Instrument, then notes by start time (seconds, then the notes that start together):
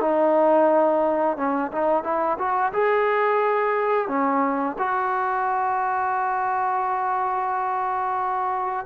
trombone
0.00 D#4
1.37 C#4
1.71 D#4
2.03 E4
2.38 F#4
2.72 G#4
4.08 C#4
4.78 F#4